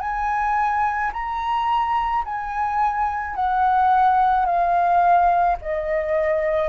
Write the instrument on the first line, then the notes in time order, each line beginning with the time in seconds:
flute
0.00 G#5
1.13 A#5
2.24 G#5
3.35 F#5
4.45 F5
5.61 D#5